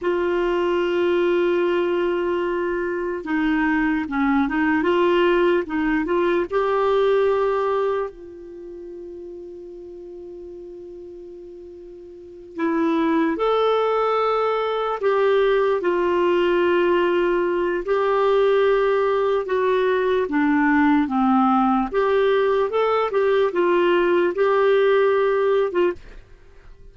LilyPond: \new Staff \with { instrumentName = "clarinet" } { \time 4/4 \tempo 4 = 74 f'1 | dis'4 cis'8 dis'8 f'4 dis'8 f'8 | g'2 f'2~ | f'2.~ f'8 e'8~ |
e'8 a'2 g'4 f'8~ | f'2 g'2 | fis'4 d'4 c'4 g'4 | a'8 g'8 f'4 g'4.~ g'16 f'16 | }